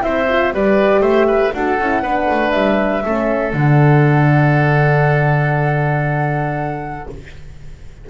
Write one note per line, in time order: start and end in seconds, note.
0.00 0.53 C4
0.00 0.25 E4
0.00 0.54 C5
0.00 0.53 E5
0.28 0.53 F4
0.53 1.01 G3
0.53 1.54 G4
0.53 1.01 B4
0.53 1.02 D5
1.01 1.51 A3
1.01 1.26 C5
1.01 1.52 E5
1.28 1.53 B4
1.53 1.79 D4
1.53 1.80 F#4
1.53 2.02 A4
1.53 2.50 F#5
1.79 2.02 C#4
1.79 2.04 E4
2.02 2.28 B3
2.02 3.05 D4
2.02 3.03 B4
2.30 2.54 A3
2.50 3.04 G3
2.50 3.51 E5
3.05 3.53 A3
3.05 3.53 C#4
3.05 7.09 A4
3.53 7.06 D3
3.53 7.06 D4
3.53 7.10 F#5